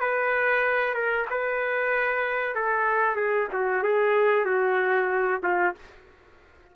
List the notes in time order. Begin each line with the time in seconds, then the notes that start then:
0.00 B4
0.94 A#4
1.30 B4
2.55 A4
3.16 G#4
3.53 F#4
3.83 G#4
4.45 F#4
5.43 F4